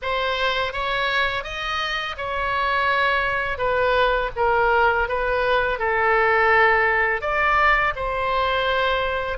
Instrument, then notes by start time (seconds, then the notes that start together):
oboe
0.02 C5
0.72 C#5
1.43 D#5
2.17 C#5
3.58 B4
4.35 A#4
5.08 B4
5.78 A4
7.21 D5
7.95 C5